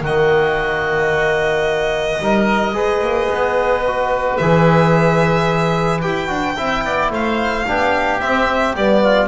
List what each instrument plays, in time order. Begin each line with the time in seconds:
0.00 double bass D#3, trombone A#3, oboe F#4, violin D#5
2.19 double bass G3, trombone D#4, oboe A#4
2.73 double bass G#3, trombone G#4, oboe B4
3.01 double bass A#3
3.29 double bass B3
3.87 trombone F#4
4.37 double bass E3, trombone G#4, violin E5
6.01 double bass E4, trombone G4, violin G5
6.27 double bass D4, trombone F#4
6.57 double bass C4, trombone E4, oboe E5
6.84 double bass B3, oboe D5
7.10 double bass A3, oboe C5, violin F5
7.65 double bass B3, trombone D4, oboe G4
8.20 double bass C4, trombone C4, violin E5
8.75 double bass G3, trombone B3, violin D5
9.03 oboe F4